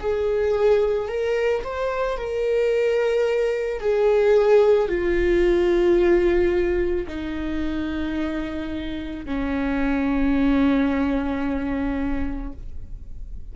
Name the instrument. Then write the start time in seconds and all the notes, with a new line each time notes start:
viola
0.00 G#4
1.09 A#4
1.64 C5
2.18 A#4
3.80 G#4
4.88 F4
7.08 D#4
9.25 C#4